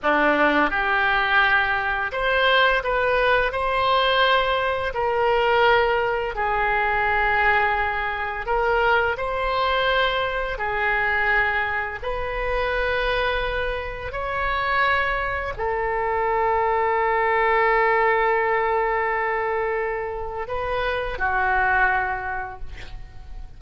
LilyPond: \new Staff \with { instrumentName = "oboe" } { \time 4/4 \tempo 4 = 85 d'4 g'2 c''4 | b'4 c''2 ais'4~ | ais'4 gis'2. | ais'4 c''2 gis'4~ |
gis'4 b'2. | cis''2 a'2~ | a'1~ | a'4 b'4 fis'2 | }